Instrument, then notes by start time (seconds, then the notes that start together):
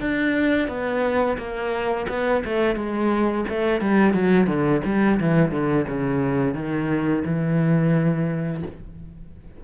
cello
0.00 D4
0.68 B3
1.37 A#3
2.08 B3
2.44 A3
2.75 G#3
3.49 A3
3.81 G3
4.13 F#3
4.47 D3
4.85 G3
5.20 E3
5.51 D3
5.87 C#3
6.54 D#3
7.24 E3